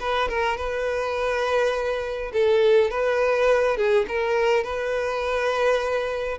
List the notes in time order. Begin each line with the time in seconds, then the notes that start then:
0.00 B4
0.29 A#4
0.57 B4
2.33 A4
2.91 B4
3.77 G#4
4.08 A#4
4.64 B4